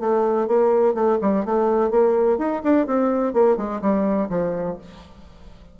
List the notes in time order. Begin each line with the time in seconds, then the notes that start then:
0.00 A3
0.48 A#3
0.95 A3
1.22 G3
1.45 A3
1.91 A#3
2.39 D#4
2.64 D4
2.87 C4
3.34 A#3
3.57 G#3
3.82 G3
4.30 F3